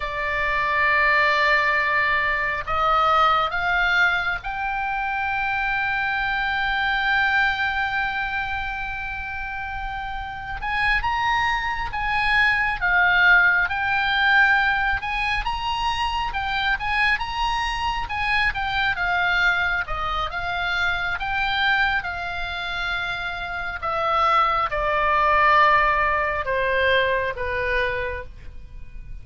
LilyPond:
\new Staff \with { instrumentName = "oboe" } { \time 4/4 \tempo 4 = 68 d''2. dis''4 | f''4 g''2.~ | g''1 | gis''8 ais''4 gis''4 f''4 g''8~ |
g''4 gis''8 ais''4 g''8 gis''8 ais''8~ | ais''8 gis''8 g''8 f''4 dis''8 f''4 | g''4 f''2 e''4 | d''2 c''4 b'4 | }